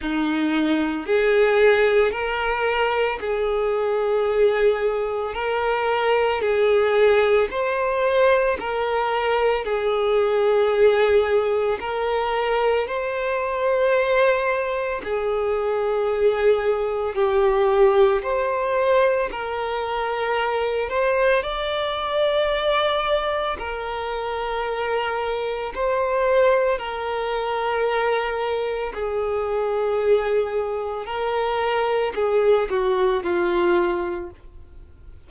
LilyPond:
\new Staff \with { instrumentName = "violin" } { \time 4/4 \tempo 4 = 56 dis'4 gis'4 ais'4 gis'4~ | gis'4 ais'4 gis'4 c''4 | ais'4 gis'2 ais'4 | c''2 gis'2 |
g'4 c''4 ais'4. c''8 | d''2 ais'2 | c''4 ais'2 gis'4~ | gis'4 ais'4 gis'8 fis'8 f'4 | }